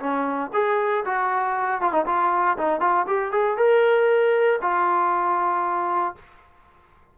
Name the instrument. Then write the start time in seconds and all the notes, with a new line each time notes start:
trombone
0.00 C#4
0.53 G#4
1.06 F#4
1.82 F4
1.93 D#4
2.06 F4
2.58 D#4
2.81 F4
3.07 G4
3.32 G#4
3.58 A#4
4.62 F4